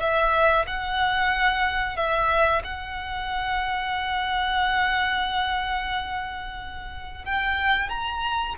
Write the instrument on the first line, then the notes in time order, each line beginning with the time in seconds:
violin
0.00 E5
0.67 F#5
1.97 E5
2.64 F#5
7.25 G5
7.89 A#5